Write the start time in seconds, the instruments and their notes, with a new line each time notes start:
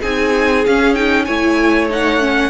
0.00 cello C4, viola D#4, violin G#4 G#5
0.66 viola C#4, cello C#4, violin F5
0.95 viola D#4, violin G5
1.25 cello A3, viola E4, violin C#5 G#5
1.90 viola D#4, violin F#5
2.20 viola C#4